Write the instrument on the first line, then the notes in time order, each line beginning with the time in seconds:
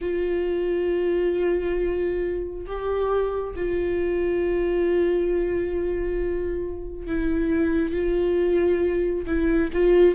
viola
0.01 F4
2.66 G4
3.55 F4
7.06 E4
7.93 F4
9.26 E4
9.73 F4